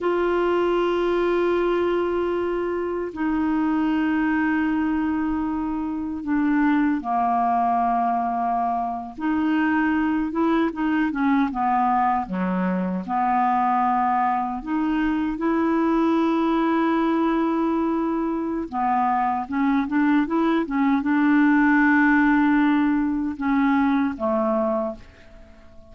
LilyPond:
\new Staff \with { instrumentName = "clarinet" } { \time 4/4 \tempo 4 = 77 f'1 | dis'1 | d'4 ais2~ ais8. dis'16~ | dis'4~ dis'16 e'8 dis'8 cis'8 b4 fis16~ |
fis8. b2 dis'4 e'16~ | e'1 | b4 cis'8 d'8 e'8 cis'8 d'4~ | d'2 cis'4 a4 | }